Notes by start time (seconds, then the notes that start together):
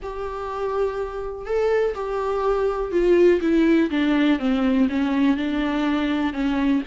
0.02 G4
1.45 A4
1.94 G4
2.91 F4
3.41 E4
3.90 D4
4.39 C4
4.89 C#4
5.37 D4
6.33 C#4